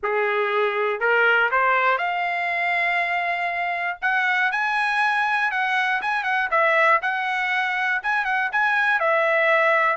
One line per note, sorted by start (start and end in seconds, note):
0.02 1.00 G#4
1.00 1.50 A#4
1.51 1.97 C5
1.97 3.97 F5
4.01 4.51 F#5
4.51 5.51 G#5
5.51 6.01 F#5
6.01 6.23 G#5
6.23 6.48 F#5
6.50 7.00 E5
7.02 8.02 F#5
8.02 8.25 G#5
8.25 8.50 F#5
8.52 8.99 G#5
8.99 9.96 E5